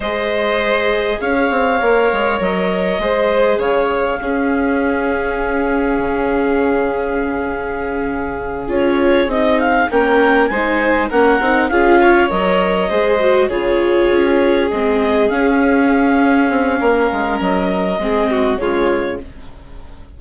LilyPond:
<<
  \new Staff \with { instrumentName = "clarinet" } { \time 4/4 \tempo 4 = 100 dis''2 f''2 | dis''2 f''2~ | f''1~ | f''2~ f''8 cis''4 dis''8 |
f''8 g''4 gis''4 fis''4 f''8~ | f''8 dis''2 cis''4.~ | cis''8 dis''4 f''2~ f''8~ | f''4 dis''2 cis''4 | }
  \new Staff \with { instrumentName = "violin" } { \time 4/4 c''2 cis''2~ | cis''4 c''4 cis''4 gis'4~ | gis'1~ | gis'1~ |
gis'8 ais'4 c''4 ais'4 gis'8 | cis''4. c''4 gis'4.~ | gis'1 | ais'2 gis'8 fis'8 f'4 | }
  \new Staff \with { instrumentName = "viola" } { \time 4/4 gis'2. ais'4~ | ais'4 gis'2 cis'4~ | cis'1~ | cis'2~ cis'8 f'4 dis'8~ |
dis'8 cis'4 dis'4 cis'8 dis'8 f'8~ | f'8 ais'4 gis'8 fis'8 f'4.~ | f'8 c'4 cis'2~ cis'8~ | cis'2 c'4 gis4 | }
  \new Staff \with { instrumentName = "bassoon" } { \time 4/4 gis2 cis'8 c'8 ais8 gis8 | fis4 gis4 cis4 cis'4~ | cis'2 cis2~ | cis2~ cis8 cis'4 c'8~ |
c'8 ais4 gis4 ais8 c'8 cis'8~ | cis'8 fis4 gis4 cis4 cis'8~ | cis'8 gis4 cis'2 c'8 | ais8 gis8 fis4 gis4 cis4 | }
>>